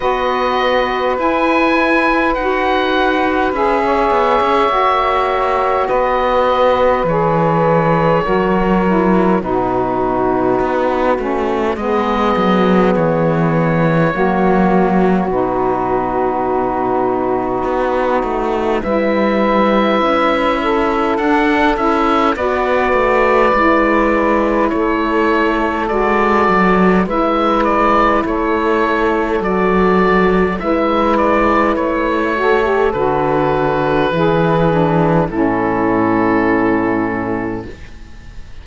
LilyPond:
<<
  \new Staff \with { instrumentName = "oboe" } { \time 4/4 \tempo 4 = 51 dis''4 gis''4 fis''4 e''4~ | e''4 dis''4 cis''2 | b'2 dis''4 cis''4~ | cis''4 b'2. |
e''2 fis''8 e''8 d''4~ | d''4 cis''4 d''4 e''8 d''8 | cis''4 d''4 e''8 d''8 cis''4 | b'2 a'2 | }
  \new Staff \with { instrumentName = "saxophone" } { \time 4/4 b'2.~ b'16 cis''8.~ | cis''4 b'2 ais'4 | fis'2 gis'2 | fis'1 |
b'4. a'4. b'4~ | b'4 a'2 b'4 | a'2 b'4. a'8~ | a'4 gis'4 e'2 | }
  \new Staff \with { instrumentName = "saxophone" } { \time 4/4 fis'4 e'4 fis'4 gis'4 | fis'2 gis'4 fis'8 e'8 | dis'4. cis'8 b2 | ais4 dis'2. |
e'2 d'8 e'8 fis'4 | e'2 fis'4 e'4~ | e'4 fis'4 e'4. fis'16 g'16 | fis'4 e'8 d'8 cis'2 | }
  \new Staff \with { instrumentName = "cello" } { \time 4/4 b4 e'4 dis'4 cis'8 b16 cis'16 | ais4 b4 e4 fis4 | b,4 b8 a8 gis8 fis8 e4 | fis4 b,2 b8 a8 |
g4 cis'4 d'8 cis'8 b8 a8 | gis4 a4 gis8 fis8 gis4 | a4 fis4 gis4 a4 | d4 e4 a,2 | }
>>